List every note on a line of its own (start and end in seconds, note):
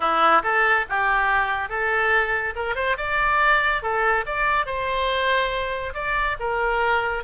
0.00 0.42 E4
0.43 0.85 A4
0.89 1.69 G4
1.69 2.54 A4
2.55 2.75 A#4
2.75 2.96 C5
2.97 3.82 D5
3.82 4.24 A4
4.26 4.65 D5
4.65 5.93 C5
5.94 6.36 D5
6.39 7.23 A#4